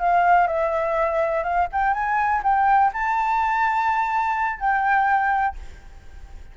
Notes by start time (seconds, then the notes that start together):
0.00 F5
0.48 E5
1.44 F5
1.73 G5
1.94 G#5
2.43 G5
2.93 A5
4.60 G5